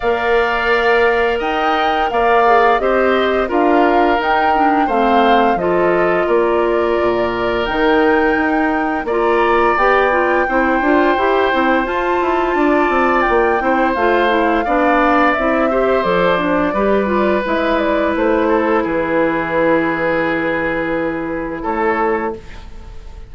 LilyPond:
<<
  \new Staff \with { instrumentName = "flute" } { \time 4/4 \tempo 4 = 86 f''2 g''4 f''4 | dis''4 f''4 g''4 f''4 | dis''4 d''2 g''4~ | g''4 ais''4 g''2~ |
g''4 a''2 g''4 | f''2 e''4 d''4~ | d''4 e''8 d''8 c''4 b'4~ | b'2. cis''4 | }
  \new Staff \with { instrumentName = "oboe" } { \time 4/4 d''2 dis''4 d''4 | c''4 ais'2 c''4 | a'4 ais'2.~ | ais'4 d''2 c''4~ |
c''2 d''4. c''8~ | c''4 d''4. c''4. | b'2~ b'8 a'8 gis'4~ | gis'2. a'4 | }
  \new Staff \with { instrumentName = "clarinet" } { \time 4/4 ais'2.~ ais'8 gis'8 | g'4 f'4 dis'8 d'8 c'4 | f'2. dis'4~ | dis'4 f'4 g'8 f'8 e'8 f'8 |
g'8 e'8 f'2~ f'8 e'8 | f'8 e'8 d'4 e'8 g'8 a'8 d'8 | g'8 f'8 e'2.~ | e'1 | }
  \new Staff \with { instrumentName = "bassoon" } { \time 4/4 ais2 dis'4 ais4 | c'4 d'4 dis'4 a4 | f4 ais4 ais,4 dis4 | dis'4 ais4 b4 c'8 d'8 |
e'8 c'8 f'8 e'8 d'8 c'8 ais8 c'8 | a4 b4 c'4 f4 | g4 gis4 a4 e4~ | e2. a4 | }
>>